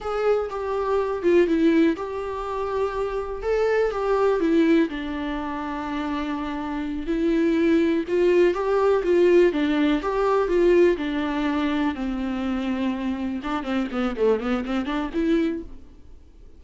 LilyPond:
\new Staff \with { instrumentName = "viola" } { \time 4/4 \tempo 4 = 123 gis'4 g'4. f'8 e'4 | g'2. a'4 | g'4 e'4 d'2~ | d'2~ d'8 e'4.~ |
e'8 f'4 g'4 f'4 d'8~ | d'8 g'4 f'4 d'4.~ | d'8 c'2. d'8 | c'8 b8 a8 b8 c'8 d'8 e'4 | }